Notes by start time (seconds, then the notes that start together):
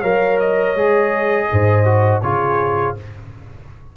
0.00 F#3 A#4 C#5 F5
0.39 D#5
0.75 G#3 G#4
1.51 G#2 C5
1.85 F#4
2.21 C#3 F4 G#4 C#5